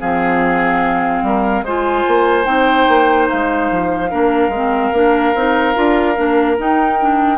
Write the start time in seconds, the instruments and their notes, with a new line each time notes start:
0.00 bassoon F3, clarinet C4, oboe G#4, flute F5
1.22 bassoon G3, oboe A#4
1.62 bassoon G#3, clarinet F4, oboe C5, flute G#5
2.08 bassoon A#3
2.45 bassoon C4, clarinet D#4, flute G5
2.88 bassoon A#3
3.29 bassoon G#3, flute F5
3.71 bassoon F3
4.10 bassoon A#3, clarinet D4, oboe A#4
4.49 bassoon G#3
4.55 clarinet C4
4.93 bassoon A#3, clarinet D4
5.34 bassoon C4, clarinet D#4
5.74 bassoon D4, clarinet F4
6.16 bassoon A#3, clarinet D4
6.58 clarinet D#4, bassoon D#4, flute G5
7.00 clarinet D4